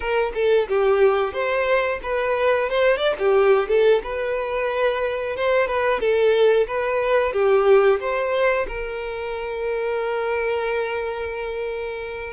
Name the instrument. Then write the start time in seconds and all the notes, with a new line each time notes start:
violin
0.00 A#4
0.34 A4
0.68 G4
1.33 C5
2.02 B4
2.69 C5
2.97 D5
3.18 G4
3.68 A4
4.03 B4
5.36 C5
5.67 B4
6.00 A4
6.67 B4
7.32 G4
7.99 C5
8.67 A#4